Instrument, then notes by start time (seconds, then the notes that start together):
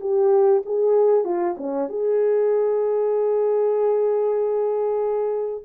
horn
0.00 G4
0.65 G#4
1.24 F4
1.57 C#4
1.89 G#4